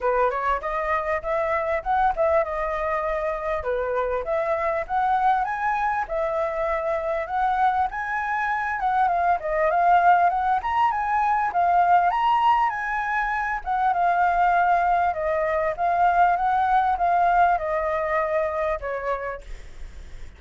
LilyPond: \new Staff \with { instrumentName = "flute" } { \time 4/4 \tempo 4 = 99 b'8 cis''8 dis''4 e''4 fis''8 e''8 | dis''2 b'4 e''4 | fis''4 gis''4 e''2 | fis''4 gis''4. fis''8 f''8 dis''8 |
f''4 fis''8 ais''8 gis''4 f''4 | ais''4 gis''4. fis''8 f''4~ | f''4 dis''4 f''4 fis''4 | f''4 dis''2 cis''4 | }